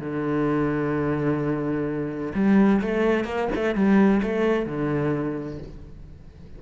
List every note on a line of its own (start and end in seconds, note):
0.00 2.33 D3
2.34 2.81 G3
2.81 3.25 A3
3.25 3.48 A#3
3.55 3.75 A3
3.75 4.21 G3
4.23 4.66 A3
4.66 5.59 D3